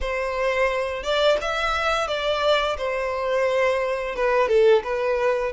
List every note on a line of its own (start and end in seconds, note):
0.00 1.03 C5
1.03 1.37 D5
1.41 2.07 E5
2.07 2.76 D5
2.77 4.15 C5
4.15 4.48 B4
4.48 4.82 A4
4.83 5.52 B4